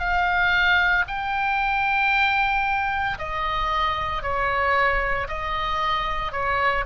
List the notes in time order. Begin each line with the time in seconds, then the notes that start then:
0.00 F5
1.08 G5
3.19 D#5
4.23 C#5
5.29 D#5
6.33 C#5